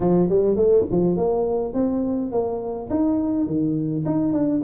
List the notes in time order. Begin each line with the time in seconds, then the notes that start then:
0.00 F3
0.29 G3
0.55 A3
0.91 F3
1.16 A#3
1.73 C4
2.31 A#3
2.90 D#4
3.46 D#3
4.05 D#4
4.32 D4